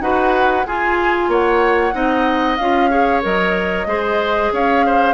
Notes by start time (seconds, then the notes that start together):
0.00 D#4 F#4 B4 F#5
0.66 F4 G#4 G#5
1.28 A#3 C#5 F#5
1.92 C4 D#4 D#5
2.57 C#4 F4 F5
2.90 G#4 C#5
3.22 F#3 A#4 D#5
3.86 G#3 G#4 C5
4.52 C#4 C#5 F5
4.86 C5